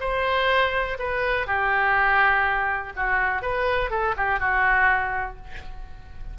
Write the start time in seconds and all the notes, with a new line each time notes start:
0.00 C5
0.99 B4
1.47 G4
2.96 F#4
3.42 B4
3.90 A4
4.17 G4
4.39 F#4